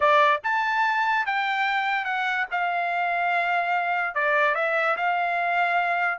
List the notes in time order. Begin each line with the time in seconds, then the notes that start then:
0.00 D5
0.43 A5
1.26 G5
2.04 F#5
2.51 F5
4.14 D5
4.55 E5
4.96 F5